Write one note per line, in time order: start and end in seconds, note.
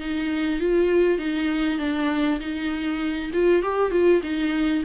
0.00 0.60 D#4
0.60 1.18 F4
1.18 1.79 D#4
1.79 2.40 D4
2.40 3.31 D#4
3.33 3.63 F4
3.63 3.91 G4
3.91 4.21 F4
4.23 4.84 D#4